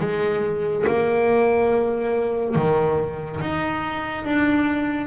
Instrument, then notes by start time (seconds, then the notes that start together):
double bass
0.00 G#3
0.87 A#3
2.55 D#3
3.40 D#4
4.24 D4